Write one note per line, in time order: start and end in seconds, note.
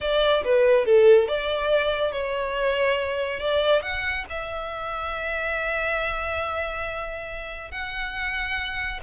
0.00 0.43 D5
0.44 0.85 B4
0.85 1.28 A4
1.28 2.12 D5
2.12 3.39 C#5
3.39 3.82 D5
3.82 4.25 F#5
4.29 7.71 E5
7.71 9.00 F#5